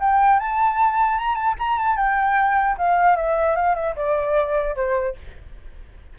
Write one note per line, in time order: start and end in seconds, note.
0.00 0.39 G5
0.39 1.18 A5
1.18 1.35 A#5
1.35 1.55 A5
1.59 1.78 A#5
1.78 1.97 A5
1.97 2.77 G5
2.78 3.16 F5
3.16 3.56 E5
3.56 3.75 F5
3.75 3.95 E5
3.96 4.75 D5
4.75 5.15 C5